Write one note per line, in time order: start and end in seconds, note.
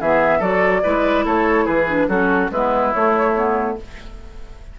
0.00 0.40 E3
0.00 0.41 B3
0.00 0.39 G#4
0.00 0.42 E5
0.39 0.82 F#3
0.39 0.83 F#4
0.39 0.81 A4
0.39 1.26 D5
0.83 1.25 G#3
0.83 1.88 E4
0.83 1.25 B4
1.25 1.67 A3
1.25 1.65 A4
1.25 1.66 C#5
1.65 2.08 E3
1.65 2.07 G#4
1.65 2.08 B4
1.88 2.09 D4
2.08 2.50 F#3
2.08 2.51 C#4
2.08 2.51 F#4
2.08 2.50 A4
2.51 2.93 G#3
2.51 2.94 B3
2.51 3.78 E4
2.51 2.94 B4
2.94 3.35 A3
2.94 3.79 A3
2.94 3.77 C#5
3.35 3.77 B3